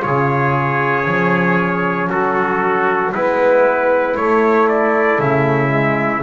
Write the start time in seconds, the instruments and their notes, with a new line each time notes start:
0.00 double bass C#3, trombone F4, trumpet G#4 C#5
1.04 double bass F3, trombone C#4
2.09 double bass F#3, trumpet F#4 A4
3.12 double bass G#3, trombone B3, trumpet E4 B4
4.16 double bass A3, trombone A3, trumpet C#5
4.68 trumpet D5
5.19 double bass C#3, trumpet E5
5.69 trombone G#3